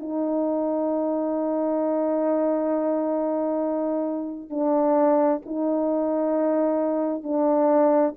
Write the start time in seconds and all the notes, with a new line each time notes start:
0.00 D#4
4.51 D4
5.46 D#4
7.24 D4